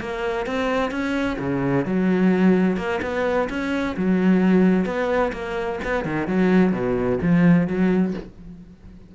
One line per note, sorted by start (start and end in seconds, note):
0.00 0.46 A#3
0.46 0.91 C4
0.91 1.37 C#4
1.39 1.85 C#3
1.85 2.77 F#3
2.77 3.00 A#3
3.02 3.48 B3
3.49 3.96 C#4
3.96 4.85 F#3
4.85 5.32 B3
5.33 5.79 A#3
5.84 6.04 B3
6.04 6.27 D#3
6.27 6.72 F#3
6.72 7.18 B2
7.22 7.67 F3
7.67 8.14 F#3